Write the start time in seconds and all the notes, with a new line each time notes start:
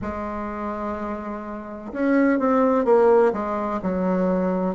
0.01 G#3
1.92 C#4
2.39 C4
2.84 A#3
3.32 G#3
3.82 F#3